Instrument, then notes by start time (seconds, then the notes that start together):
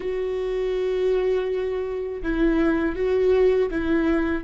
viola
0.00 F#4
2.22 E4
2.95 F#4
3.70 E4